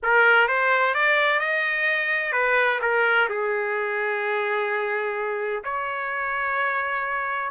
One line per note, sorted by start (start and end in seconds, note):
0.02 0.48 A#4
0.48 0.94 C5
0.94 1.39 D5
1.39 2.32 D#5
2.32 2.79 B4
2.81 3.28 A#4
3.29 5.63 G#4
5.64 7.50 C#5